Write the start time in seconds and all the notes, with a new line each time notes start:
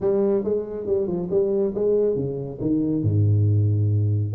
0.00 G3
0.44 G#3
0.86 G3
1.07 F3
1.30 G3
1.75 G#3
2.15 C#3
2.61 D#3
3.03 G#2